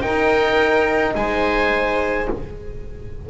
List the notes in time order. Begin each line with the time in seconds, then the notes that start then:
0.00 D#4 A#4 G5
1.15 G#3 C5 G#5